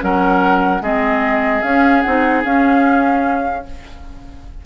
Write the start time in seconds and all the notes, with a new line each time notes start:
0.00 F#3 C#4 A#4 F#5
0.81 G#3 C4 G#4 D#5
1.63 C#4 F5
2.02 C4 D#4 F#5
2.45 C#4 F5